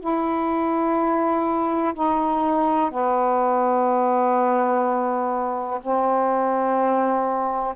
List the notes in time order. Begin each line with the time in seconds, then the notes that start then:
0.00 E4
1.94 D#4
2.90 B3
5.81 C4